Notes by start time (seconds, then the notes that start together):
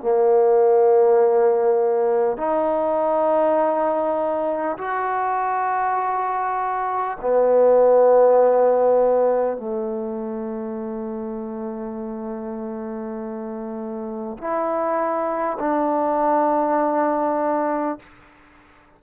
0.00 A#3
2.37 D#4
4.77 F#4
7.21 B3
9.57 A3
14.38 E4
15.59 D4